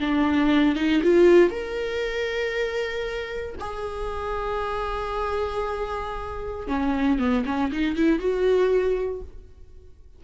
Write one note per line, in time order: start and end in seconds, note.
0.00 0.76 D4
0.76 1.02 D#4
1.03 1.50 F4
1.50 3.55 A#4
3.60 6.68 G#4
6.68 7.19 C#4
7.19 7.44 B3
7.46 7.72 C#4
7.72 7.96 D#4
7.96 8.19 E4
8.19 9.22 F#4